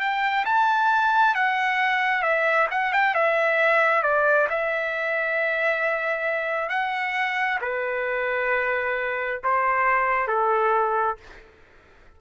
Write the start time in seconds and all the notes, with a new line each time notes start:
0.00 G5
0.45 A5
1.35 F#5
2.22 E5
2.71 F#5
2.93 G5
3.14 E5
4.03 D5
4.50 E5
6.70 F#5
7.62 B4
9.44 C5
10.28 A4